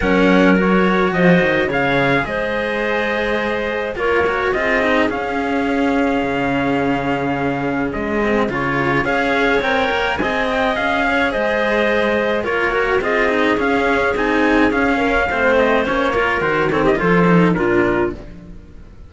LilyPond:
<<
  \new Staff \with { instrumentName = "trumpet" } { \time 4/4 \tempo 4 = 106 fis''4 cis''4 dis''4 f''4 | dis''2. cis''4 | dis''4 f''2.~ | f''2 dis''4 cis''4 |
f''4 g''4 gis''8 g''8 f''4 | dis''2 cis''4 dis''4 | f''4 gis''4 f''4. dis''8 | cis''4 c''8 cis''16 dis''16 c''4 ais'4 | }
  \new Staff \with { instrumentName = "clarinet" } { \time 4/4 ais'2 c''4 cis''4 | c''2. ais'4 | gis'1~ | gis'1 |
cis''2 dis''4. cis''8 | c''2 ais'4 gis'4~ | gis'2~ gis'8 ais'8 c''4~ | c''8 ais'4 a'16 g'16 a'4 f'4 | }
  \new Staff \with { instrumentName = "cello" } { \time 4/4 cis'4 fis'2 gis'4~ | gis'2. f'8 fis'8 | f'8 dis'8 cis'2.~ | cis'2~ cis'8 c'8 f'4 |
gis'4 ais'4 gis'2~ | gis'2 f'8 fis'8 f'8 dis'8 | cis'4 dis'4 cis'4 c'4 | cis'8 f'8 fis'8 c'8 f'8 dis'8 d'4 | }
  \new Staff \with { instrumentName = "cello" } { \time 4/4 fis2 f8 dis8 cis4 | gis2. ais4 | c'4 cis'2 cis4~ | cis2 gis4 cis4 |
cis'4 c'8 ais8 c'4 cis'4 | gis2 ais4 c'4 | cis'4 c'4 cis'4 a4 | ais4 dis4 f4 ais,4 | }
>>